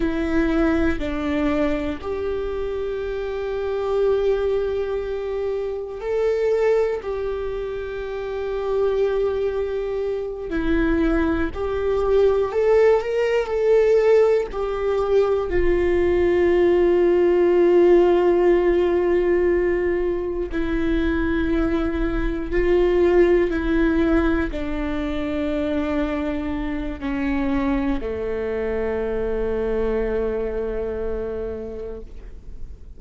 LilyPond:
\new Staff \with { instrumentName = "viola" } { \time 4/4 \tempo 4 = 60 e'4 d'4 g'2~ | g'2 a'4 g'4~ | g'2~ g'8 e'4 g'8~ | g'8 a'8 ais'8 a'4 g'4 f'8~ |
f'1~ | f'8 e'2 f'4 e'8~ | e'8 d'2~ d'8 cis'4 | a1 | }